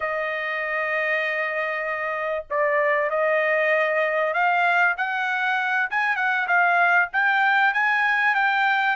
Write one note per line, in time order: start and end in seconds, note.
0.00 2.44 D#5
2.49 3.10 D5
3.10 4.33 D#5
4.33 4.95 F5
4.97 5.89 F#5
5.90 6.16 G#5
6.16 6.47 F#5
6.47 7.09 F5
7.12 7.73 G5
7.73 8.34 G#5
8.34 8.96 G5